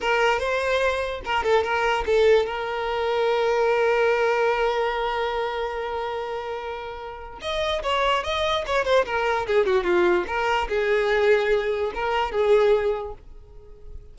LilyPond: \new Staff \with { instrumentName = "violin" } { \time 4/4 \tempo 4 = 146 ais'4 c''2 ais'8 a'8 | ais'4 a'4 ais'2~ | ais'1~ | ais'1~ |
ais'2 dis''4 cis''4 | dis''4 cis''8 c''8 ais'4 gis'8 fis'8 | f'4 ais'4 gis'2~ | gis'4 ais'4 gis'2 | }